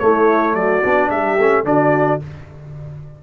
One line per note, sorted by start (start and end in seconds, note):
0.00 0.83 A3
0.00 0.54 A3
0.00 0.56 E4
0.00 0.55 C#5
0.54 0.82 F#3
0.54 1.10 F#4
0.54 1.10 D5
0.83 1.11 B3
0.83 1.38 D4
1.10 1.38 G3
1.10 1.65 G4
1.10 1.65 E5
1.39 1.64 A3
1.39 1.65 C#4
1.64 2.19 D3
1.64 2.20 D4
1.64 2.23 F#4
1.64 2.21 D5